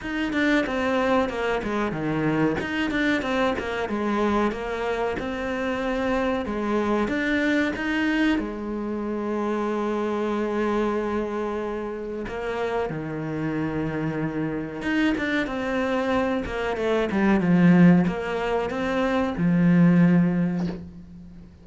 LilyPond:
\new Staff \with { instrumentName = "cello" } { \time 4/4 \tempo 4 = 93 dis'8 d'8 c'4 ais8 gis8 dis4 | dis'8 d'8 c'8 ais8 gis4 ais4 | c'2 gis4 d'4 | dis'4 gis2.~ |
gis2. ais4 | dis2. dis'8 d'8 | c'4. ais8 a8 g8 f4 | ais4 c'4 f2 | }